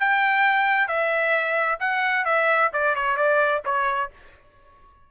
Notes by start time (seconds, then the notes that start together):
0.00 G5
0.88 E5
1.80 F#5
2.25 E5
2.73 D5
2.95 C#5
3.17 D5
3.65 C#5